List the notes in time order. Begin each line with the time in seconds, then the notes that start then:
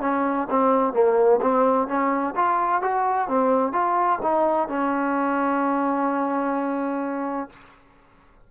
0.00 C#4
0.49 C4
0.93 A#3
1.41 C4
1.87 C#4
2.35 F4
2.81 F#4
3.28 C4
3.72 F4
4.22 D#4
4.68 C#4